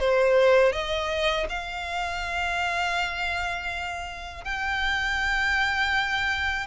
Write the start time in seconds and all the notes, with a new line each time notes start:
0.00 C5
0.73 D#5
1.50 F5
4.45 G5